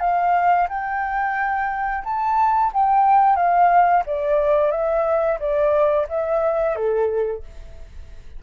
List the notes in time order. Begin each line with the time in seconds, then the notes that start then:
0.00 F5
0.69 G5
2.04 A5
2.73 G5
3.36 F5
4.06 D5
4.71 E5
5.39 D5
6.09 E5
6.75 A4